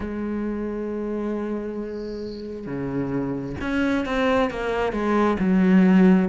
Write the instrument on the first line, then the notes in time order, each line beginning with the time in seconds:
cello
0.00 G#3
2.66 C#3
3.61 C#4
4.05 C4
4.50 A#3
4.92 G#3
5.39 F#3